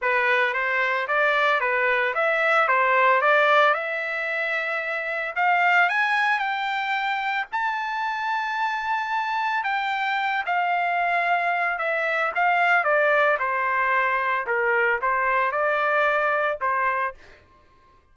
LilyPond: \new Staff \with { instrumentName = "trumpet" } { \time 4/4 \tempo 4 = 112 b'4 c''4 d''4 b'4 | e''4 c''4 d''4 e''4~ | e''2 f''4 gis''4 | g''2 a''2~ |
a''2 g''4. f''8~ | f''2 e''4 f''4 | d''4 c''2 ais'4 | c''4 d''2 c''4 | }